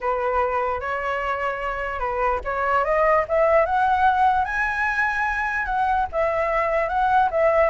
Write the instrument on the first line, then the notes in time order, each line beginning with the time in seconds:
flute
0.01 B4
0.80 C#5
1.99 B4
2.44 C#5
2.84 D#5
3.28 E5
3.65 F#5
4.44 G#5
5.65 F#5
6.11 E5
6.88 F#5
7.30 E5